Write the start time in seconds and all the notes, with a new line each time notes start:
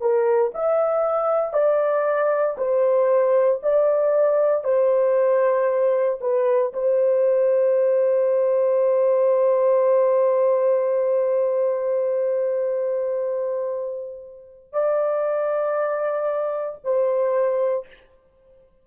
0.00 A#4
0.54 E5
1.53 D5
2.57 C5
3.63 D5
4.64 C5
6.21 B4
6.73 C5
14.72 D5
16.83 C5